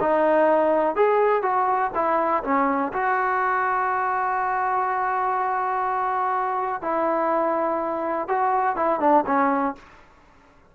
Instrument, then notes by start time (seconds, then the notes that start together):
trombone
0.00 D#4
0.95 G#4
1.42 F#4
1.94 E4
2.43 C#4
2.92 F#4
6.81 E4
8.27 F#4
8.76 E4
9.00 D4
9.26 C#4